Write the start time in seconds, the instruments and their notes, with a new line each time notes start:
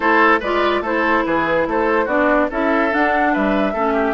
0.00 bassoon A3, clarinet E4, oboe A4, flute C5
0.40 bassoon G#3, clarinet F4, oboe B4, flute D5
0.80 bassoon A3, clarinet E4, oboe A4, flute C5
1.24 bassoon E3, oboe G#4, flute B4
1.66 bassoon A3, oboe A4, flute C5
2.05 bassoon B3, clarinet D4, oboe F#4, flute D5
2.50 bassoon C#4, clarinet E4, oboe A4, flute E5
2.91 clarinet D4, bassoon D4, flute F#5
3.32 bassoon G3, oboe B4, flute E5
3.73 bassoon A3, clarinet C#4, oboe A4
3.93 oboe G4